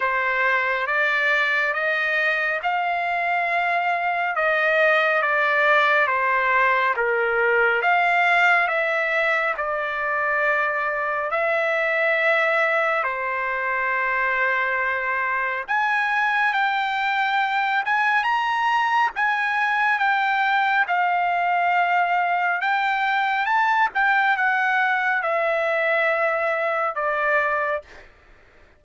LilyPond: \new Staff \with { instrumentName = "trumpet" } { \time 4/4 \tempo 4 = 69 c''4 d''4 dis''4 f''4~ | f''4 dis''4 d''4 c''4 | ais'4 f''4 e''4 d''4~ | d''4 e''2 c''4~ |
c''2 gis''4 g''4~ | g''8 gis''8 ais''4 gis''4 g''4 | f''2 g''4 a''8 g''8 | fis''4 e''2 d''4 | }